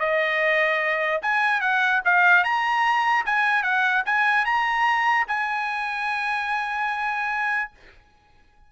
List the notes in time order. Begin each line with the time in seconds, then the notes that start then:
0.00 D#5
1.22 G#5
1.61 F#5
2.05 F5
2.44 A#5
3.26 G#5
3.63 F#5
4.06 G#5
4.46 A#5
5.28 G#5